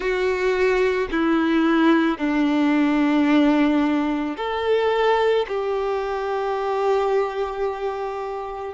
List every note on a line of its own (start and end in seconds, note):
0.00 1.08 F#4
1.11 2.18 E4
2.18 4.36 D4
4.36 5.45 A4
5.47 8.73 G4